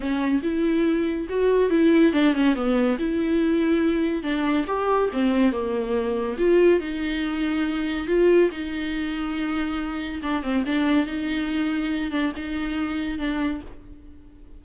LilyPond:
\new Staff \with { instrumentName = "viola" } { \time 4/4 \tempo 4 = 141 cis'4 e'2 fis'4 | e'4 d'8 cis'8 b4 e'4~ | e'2 d'4 g'4 | c'4 ais2 f'4 |
dis'2. f'4 | dis'1 | d'8 c'8 d'4 dis'2~ | dis'8 d'8 dis'2 d'4 | }